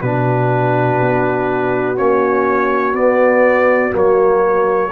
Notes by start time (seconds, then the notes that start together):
0.00 B2 D4 F#4 B4
1.01 B3
1.96 A#3 C#4 C#5
2.93 B3 D5
3.90 F#3 A#3
3.97 C#5